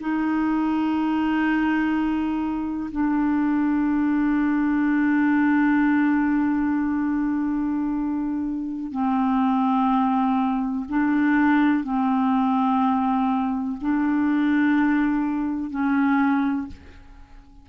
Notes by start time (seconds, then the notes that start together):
0.00 D#4
2.91 D4
8.92 C4
10.89 D4
11.83 C4
13.81 D4
15.70 C#4